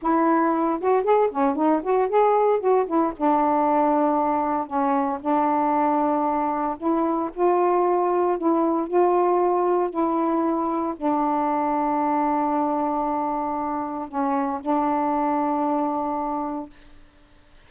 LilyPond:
\new Staff \with { instrumentName = "saxophone" } { \time 4/4 \tempo 4 = 115 e'4. fis'8 gis'8 cis'8 dis'8 fis'8 | gis'4 fis'8 e'8 d'2~ | d'4 cis'4 d'2~ | d'4 e'4 f'2 |
e'4 f'2 e'4~ | e'4 d'2.~ | d'2. cis'4 | d'1 | }